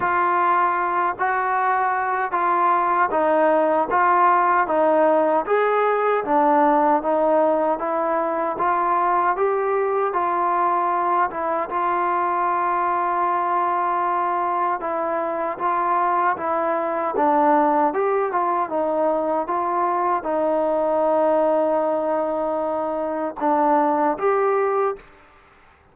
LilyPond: \new Staff \with { instrumentName = "trombone" } { \time 4/4 \tempo 4 = 77 f'4. fis'4. f'4 | dis'4 f'4 dis'4 gis'4 | d'4 dis'4 e'4 f'4 | g'4 f'4. e'8 f'4~ |
f'2. e'4 | f'4 e'4 d'4 g'8 f'8 | dis'4 f'4 dis'2~ | dis'2 d'4 g'4 | }